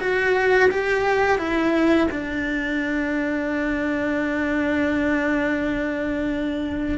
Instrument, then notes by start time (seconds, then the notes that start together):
cello
0.00 F#4
0.70 G4
1.38 E4
2.11 D4